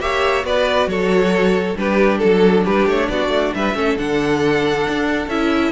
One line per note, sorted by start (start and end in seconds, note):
0.00 0.44 A#3
0.00 0.42 G4
0.00 0.45 C#5
0.00 0.45 E5
0.42 0.86 B3
0.42 1.74 F#4
0.42 0.89 B4
0.42 0.88 D5
0.86 1.75 F#3
0.86 1.77 A4
0.86 1.76 C#5
1.75 2.20 G3
1.75 3.74 D4
1.75 2.22 G4
1.75 2.18 B4
2.18 2.67 F#3
2.18 2.62 A4
2.18 2.64 A4
2.64 2.86 G3
2.64 3.08 G4
2.64 2.88 B4
2.86 3.08 A3
2.86 3.09 C#5
3.09 3.28 B3
3.09 3.55 F#4
3.09 3.53 D5
3.28 3.50 A3
3.54 3.74 G3
3.54 3.76 B4
3.54 3.97 E5
3.74 3.96 A3
3.74 3.96 C#4
3.74 5.72 A4
3.97 4.87 D3
3.97 5.29 D4
3.97 5.29 F#5
4.88 5.27 D4
5.27 5.71 C#4
5.27 5.72 E4
5.27 5.72 E5